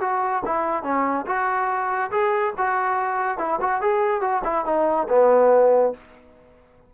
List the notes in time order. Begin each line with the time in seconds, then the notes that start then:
0.00 F#4
0.45 E4
0.83 C#4
1.26 F#4
2.11 G#4
2.57 F#4
3.38 E4
3.60 F#4
3.81 G#4
4.21 F#4
4.44 E4
4.65 D#4
5.08 B3